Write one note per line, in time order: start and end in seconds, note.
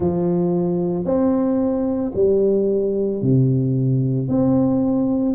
0.00 1.04 F3
1.04 2.11 C4
2.14 3.21 G3
3.21 4.28 C3
4.28 5.35 C4